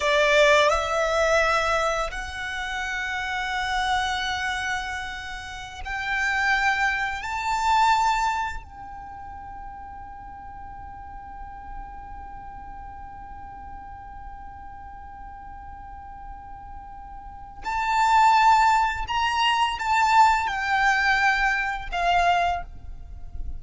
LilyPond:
\new Staff \with { instrumentName = "violin" } { \time 4/4 \tempo 4 = 85 d''4 e''2 fis''4~ | fis''1~ | fis''16 g''2 a''4.~ a''16~ | a''16 g''2.~ g''8.~ |
g''1~ | g''1~ | g''4 a''2 ais''4 | a''4 g''2 f''4 | }